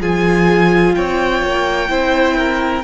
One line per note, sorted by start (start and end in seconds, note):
0.00 0.96 F3
0.00 1.88 F4
0.00 0.95 G#4
0.00 0.95 G#5
0.95 1.43 C4
0.95 1.91 C#5
0.95 2.84 G5
1.43 1.90 A#3
1.88 2.84 C4
1.88 2.84 E4
1.88 2.37 C5
2.37 2.84 A#4